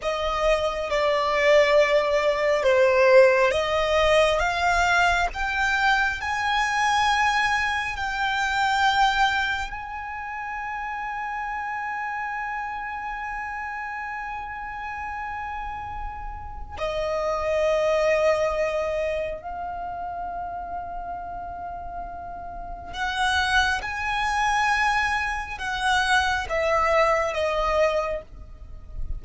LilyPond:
\new Staff \with { instrumentName = "violin" } { \time 4/4 \tempo 4 = 68 dis''4 d''2 c''4 | dis''4 f''4 g''4 gis''4~ | gis''4 g''2 gis''4~ | gis''1~ |
gis''2. dis''4~ | dis''2 f''2~ | f''2 fis''4 gis''4~ | gis''4 fis''4 e''4 dis''4 | }